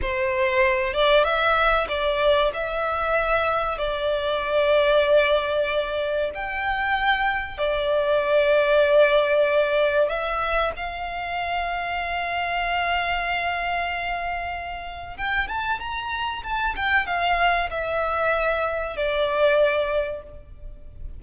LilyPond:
\new Staff \with { instrumentName = "violin" } { \time 4/4 \tempo 4 = 95 c''4. d''8 e''4 d''4 | e''2 d''2~ | d''2 g''2 | d''1 |
e''4 f''2.~ | f''1 | g''8 a''8 ais''4 a''8 g''8 f''4 | e''2 d''2 | }